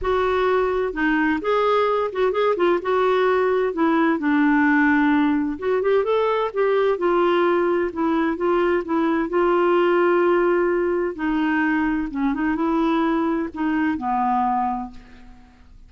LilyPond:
\new Staff \with { instrumentName = "clarinet" } { \time 4/4 \tempo 4 = 129 fis'2 dis'4 gis'4~ | gis'8 fis'8 gis'8 f'8 fis'2 | e'4 d'2. | fis'8 g'8 a'4 g'4 f'4~ |
f'4 e'4 f'4 e'4 | f'1 | dis'2 cis'8 dis'8 e'4~ | e'4 dis'4 b2 | }